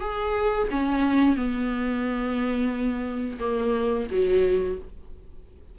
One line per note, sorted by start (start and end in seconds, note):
0.00 0.67 G#4
0.70 1.36 C#4
1.36 3.38 B3
3.39 4.07 A#3
4.11 4.78 F#3